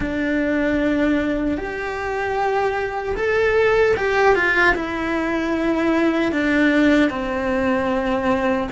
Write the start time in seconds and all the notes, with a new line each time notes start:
0.00 D4
1.57 G4
3.16 A4
3.96 G4
4.35 F4
4.75 E4
6.32 D4
7.09 C4